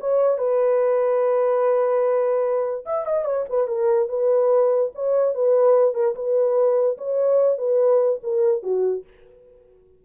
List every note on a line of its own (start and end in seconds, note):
0.00 0.38 C#5
0.38 2.84 B4
2.86 3.06 E5
3.06 3.25 D#5
3.25 3.45 C#5
3.49 3.68 B4
3.68 4.09 A#4
4.09 4.91 B4
4.95 5.34 C#5
5.34 5.94 B4
5.94 6.15 A#4
6.15 6.97 B4
6.98 7.58 C#5
7.58 8.20 B4
8.23 8.63 A#4
8.63 9.04 F#4